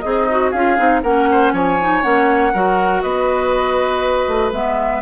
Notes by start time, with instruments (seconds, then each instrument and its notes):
0.00 bassoon C4, oboe D#4, clarinet G#4, flute D#5
0.30 clarinet F#4
0.50 bassoon C#4, clarinet F4, oboe G#4, flute F5
0.77 bassoon C4, clarinet D#4
1.03 bassoon A#3, clarinet C#4, oboe A#4, flute F#5
1.31 oboe C5
1.52 bassoon F3, oboe C#5, flute G#5
1.81 clarinet D#4
2.02 bassoon A#3, clarinet C#4, flute F#5
2.53 bassoon F#3, clarinet F#4, oboe A#4
3.02 bassoon B3, oboe B4, flute D#5
4.27 bassoon A3
4.52 bassoon G#3, clarinet B3, flute E5